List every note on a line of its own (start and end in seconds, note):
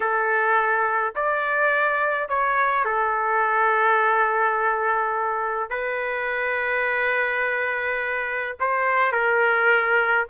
0.00 1.14 A4
1.15 2.29 D5
2.29 2.84 C#5
2.84 5.70 A4
5.70 8.56 B4
8.59 9.12 C5
9.12 10.26 A#4